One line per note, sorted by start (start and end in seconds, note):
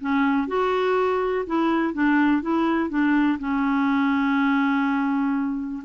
0.00 0.47 C#4
0.47 1.45 F#4
1.46 1.93 E4
1.93 2.42 D4
2.42 2.89 E4
2.89 3.38 D4
3.39 5.83 C#4